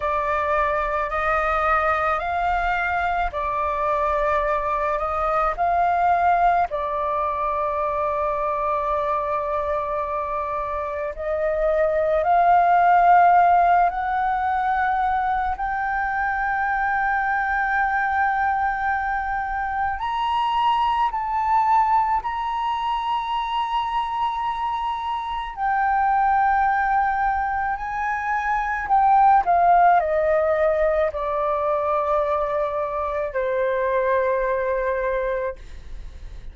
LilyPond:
\new Staff \with { instrumentName = "flute" } { \time 4/4 \tempo 4 = 54 d''4 dis''4 f''4 d''4~ | d''8 dis''8 f''4 d''2~ | d''2 dis''4 f''4~ | f''8 fis''4. g''2~ |
g''2 ais''4 a''4 | ais''2. g''4~ | g''4 gis''4 g''8 f''8 dis''4 | d''2 c''2 | }